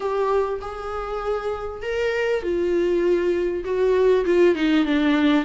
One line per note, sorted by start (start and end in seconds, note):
0.00 0.59 G4
0.61 1.82 G#4
1.82 2.42 A#4
2.42 3.64 F4
3.64 4.25 F#4
4.25 4.55 F4
4.55 4.85 D#4
4.85 5.44 D4